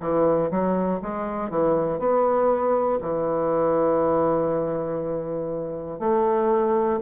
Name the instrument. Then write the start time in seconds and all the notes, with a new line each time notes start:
bassoon
0.00 E3
0.50 F#3
1.01 G#3
1.50 E3
1.99 B3
3.01 E3
6.00 A3